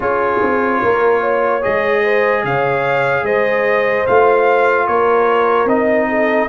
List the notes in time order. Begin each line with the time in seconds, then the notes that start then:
0.00 C#4 F4 G#4 C#5
0.41 C4
0.82 A#3 A#4
1.20 C#5
1.61 G#3 G#4 D#5
2.02 C5
2.43 C#3 C#5 F5
3.23 G#3 C5 D#5
4.06 A3 F4 F5
4.86 A#3 A#4 C#5
5.65 C4 D#4 D#5
6.08 A4